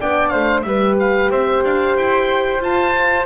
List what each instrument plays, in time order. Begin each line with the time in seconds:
0.00 double bass B3, horn D4, flute D5, oboe G5
0.28 double bass A3, flute C5, oboe F5
0.61 double bass G3, horn G4, flute B4, oboe E5
0.99 oboe F5
1.30 double bass C4, flute C5, oboe E5
1.64 double bass D4, oboe F5
1.96 double bass E4, oboe G5
2.60 double bass F4, horn F4, oboe A5